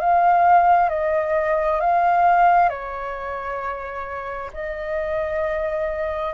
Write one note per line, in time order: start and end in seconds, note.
0.00 0.90 F5
0.90 1.81 D#5
1.81 2.69 F5
2.69 4.51 C#5
4.53 6.34 D#5